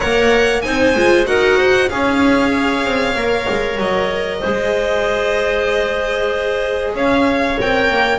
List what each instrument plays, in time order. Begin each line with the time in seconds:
0.00 double bass A#3, viola A#4, clarinet C#5, violin F#5
0.61 double bass C4, viola D#4, clarinet C5, violin G#5
0.95 double bass G#3, viola F4
1.25 double bass D#4, viola F#4, clarinet A#4, violin F#5
1.57 clarinet C5
1.89 double bass C#4, viola G#4, clarinet C#5, violin F5
2.84 double bass C4
3.15 double bass A#3, viola A#4
3.49 double bass G#3
3.77 double bass F#3, violin D#5
4.39 double bass G#3, viola G#4, clarinet C5
6.94 double bass C#4, clarinet C#5, violin F5
7.59 double bass C4, viola A#4, violin G5
7.89 double bass A#3